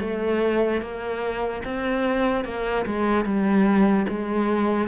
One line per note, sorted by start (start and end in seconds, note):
0.00 0.81 A3
0.81 1.63 A#3
1.64 2.44 C4
2.44 2.85 A#3
2.86 3.25 G#3
3.25 4.06 G3
4.08 4.88 G#3